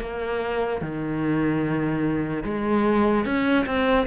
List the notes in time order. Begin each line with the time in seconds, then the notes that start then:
0.00 A#3
0.81 D#3
2.44 G#3
3.25 C#4
3.66 C4